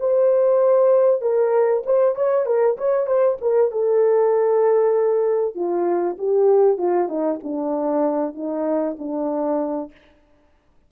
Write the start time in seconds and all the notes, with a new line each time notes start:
0.00 C5
1.22 A#4
1.86 C5
2.16 C#5
2.46 A#4
2.78 C#5
3.07 C5
3.41 A#4
3.72 A4
5.55 F4
6.18 G4
6.78 F4
7.09 D#4
7.44 D4
8.35 D#4
8.99 D4